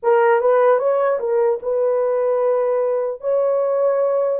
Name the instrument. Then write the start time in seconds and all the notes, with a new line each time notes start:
horn
0.02 A#4
0.40 B4
0.78 C#5
1.19 A#4
1.62 B4
3.20 C#5